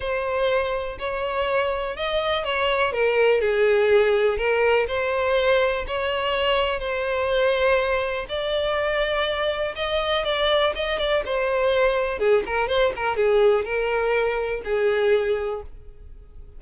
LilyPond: \new Staff \with { instrumentName = "violin" } { \time 4/4 \tempo 4 = 123 c''2 cis''2 | dis''4 cis''4 ais'4 gis'4~ | gis'4 ais'4 c''2 | cis''2 c''2~ |
c''4 d''2. | dis''4 d''4 dis''8 d''8 c''4~ | c''4 gis'8 ais'8 c''8 ais'8 gis'4 | ais'2 gis'2 | }